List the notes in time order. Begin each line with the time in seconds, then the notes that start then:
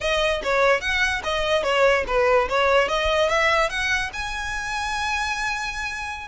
0.00 D#5
0.43 C#5
0.80 F#5
1.23 D#5
1.63 C#5
2.07 B4
2.48 C#5
2.88 D#5
3.29 E5
3.69 F#5
4.13 G#5